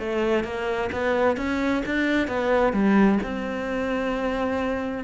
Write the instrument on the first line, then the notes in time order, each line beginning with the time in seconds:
cello
0.00 A3
0.44 A#3
0.93 B3
1.37 C#4
1.86 D4
2.28 B3
2.73 G3
3.24 C4